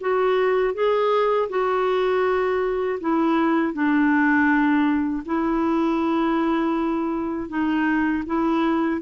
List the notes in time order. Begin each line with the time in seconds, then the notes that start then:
0.00 F#4
0.74 G#4
1.49 F#4
3.00 E4
3.73 D4
5.25 E4
7.48 D#4
8.26 E4